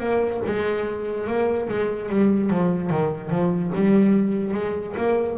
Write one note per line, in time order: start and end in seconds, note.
0.00 0.41 A#3
0.46 1.27 G#3
1.27 1.68 A#3
1.69 2.10 G#3
2.10 2.50 G3
2.50 2.91 F3
2.91 3.30 D#3
3.30 3.71 F3
3.75 4.54 G3
4.54 4.95 G#3
4.97 5.38 A#3